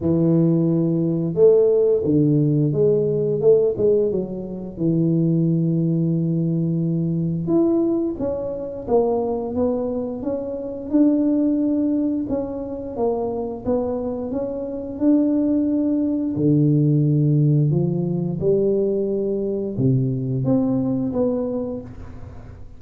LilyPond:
\new Staff \with { instrumentName = "tuba" } { \time 4/4 \tempo 4 = 88 e2 a4 d4 | gis4 a8 gis8 fis4 e4~ | e2. e'4 | cis'4 ais4 b4 cis'4 |
d'2 cis'4 ais4 | b4 cis'4 d'2 | d2 f4 g4~ | g4 c4 c'4 b4 | }